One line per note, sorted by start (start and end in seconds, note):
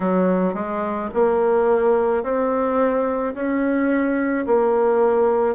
0.00 0.54 F#3
0.54 1.09 G#3
1.14 2.23 A#3
2.23 3.34 C4
3.34 4.45 C#4
4.46 5.55 A#3